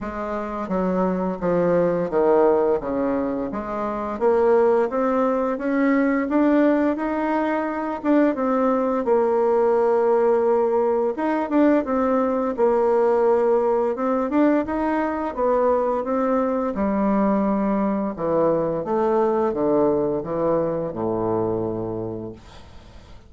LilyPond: \new Staff \with { instrumentName = "bassoon" } { \time 4/4 \tempo 4 = 86 gis4 fis4 f4 dis4 | cis4 gis4 ais4 c'4 | cis'4 d'4 dis'4. d'8 | c'4 ais2. |
dis'8 d'8 c'4 ais2 | c'8 d'8 dis'4 b4 c'4 | g2 e4 a4 | d4 e4 a,2 | }